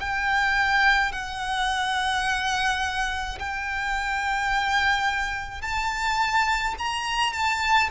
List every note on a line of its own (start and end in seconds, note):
0.00 1.12 G5
1.12 3.38 F#5
3.39 5.61 G5
5.61 6.75 A5
6.78 7.33 A#5
7.33 7.89 A5